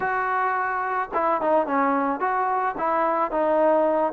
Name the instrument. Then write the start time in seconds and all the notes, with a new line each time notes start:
trombone
0.00 F#4
1.14 E4
1.41 D#4
1.66 C#4
2.20 F#4
2.77 E4
3.31 D#4